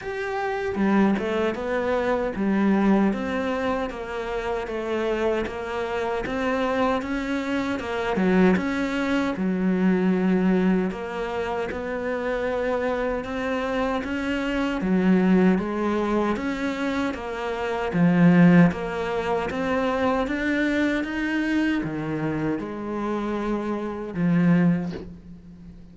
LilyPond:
\new Staff \with { instrumentName = "cello" } { \time 4/4 \tempo 4 = 77 g'4 g8 a8 b4 g4 | c'4 ais4 a4 ais4 | c'4 cis'4 ais8 fis8 cis'4 | fis2 ais4 b4~ |
b4 c'4 cis'4 fis4 | gis4 cis'4 ais4 f4 | ais4 c'4 d'4 dis'4 | dis4 gis2 f4 | }